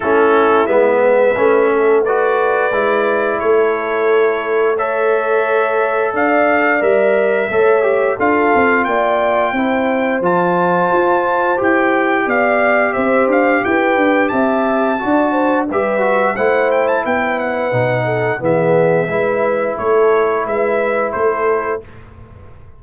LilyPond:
<<
  \new Staff \with { instrumentName = "trumpet" } { \time 4/4 \tempo 4 = 88 a'4 e''2 d''4~ | d''4 cis''2 e''4~ | e''4 f''4 e''2 | f''4 g''2 a''4~ |
a''4 g''4 f''4 e''8 f''8 | g''4 a''2 e''4 | fis''8 g''16 a''16 g''8 fis''4. e''4~ | e''4 cis''4 e''4 c''4 | }
  \new Staff \with { instrumentName = "horn" } { \time 4/4 e'4. b'4 a'8 b'4~ | b'4 a'2 cis''4~ | cis''4 d''2 cis''4 | a'4 d''4 c''2~ |
c''2 d''4 c''4 | b'4 e''4 d''8 c''8 b'4 | c''4 b'4. a'8 gis'4 | b'4 a'4 b'4 a'4 | }
  \new Staff \with { instrumentName = "trombone" } { \time 4/4 cis'4 b4 cis'4 fis'4 | e'2. a'4~ | a'2 ais'4 a'8 g'8 | f'2 e'4 f'4~ |
f'4 g'2.~ | g'2 fis'4 g'8 fis'8 | e'2 dis'4 b4 | e'1 | }
  \new Staff \with { instrumentName = "tuba" } { \time 4/4 a4 gis4 a2 | gis4 a2.~ | a4 d'4 g4 a4 | d'8 c'8 ais4 c'4 f4 |
f'4 e'4 b4 c'8 d'8 | e'8 d'8 c'4 d'4 g4 | a4 b4 b,4 e4 | gis4 a4 gis4 a4 | }
>>